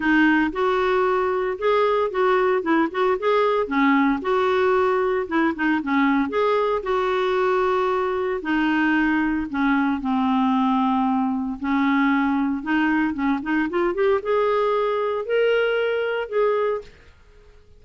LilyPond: \new Staff \with { instrumentName = "clarinet" } { \time 4/4 \tempo 4 = 114 dis'4 fis'2 gis'4 | fis'4 e'8 fis'8 gis'4 cis'4 | fis'2 e'8 dis'8 cis'4 | gis'4 fis'2. |
dis'2 cis'4 c'4~ | c'2 cis'2 | dis'4 cis'8 dis'8 f'8 g'8 gis'4~ | gis'4 ais'2 gis'4 | }